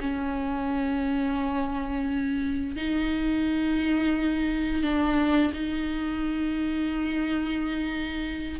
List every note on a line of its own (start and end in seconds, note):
0.00 2.76 C#4
2.76 4.83 D#4
4.83 5.52 D4
5.53 8.60 D#4